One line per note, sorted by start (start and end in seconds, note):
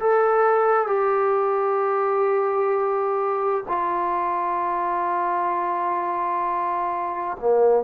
0.00 0.88 A4
0.88 3.65 G4
3.69 7.38 F4
7.41 7.84 A#3